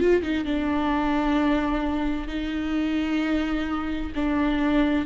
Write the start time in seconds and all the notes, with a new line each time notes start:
0.00 F4
0.22 D#4
0.45 D4
2.27 D#4
4.15 D4